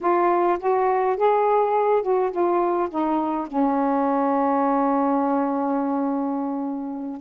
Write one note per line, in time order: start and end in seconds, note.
0.00 0.58 F4
0.59 1.16 F#4
1.16 2.02 G#4
2.02 2.31 F#4
2.31 2.88 F4
2.89 3.47 D#4
3.47 7.20 C#4